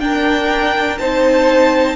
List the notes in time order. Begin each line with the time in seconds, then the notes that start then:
0.00 D4 A#4 G5
0.99 C4 D#4 C5 A5